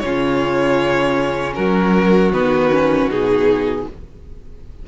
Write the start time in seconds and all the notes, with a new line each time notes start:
0.00 C#3 C#4 F4 C#5
1.55 F#3 F#4 A#4
2.33 D#3 B3 B4
2.72 C#4
3.07 B2 D#4 G#4